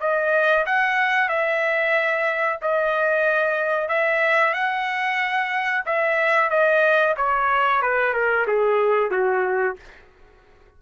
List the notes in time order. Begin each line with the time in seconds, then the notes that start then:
0.00 D#5
0.66 F#5
1.29 E5
2.62 D#5
3.88 E5
4.54 F#5
5.86 E5
6.50 D#5
7.17 C#5
7.82 B4
8.14 A#4
8.47 G#4
9.11 F#4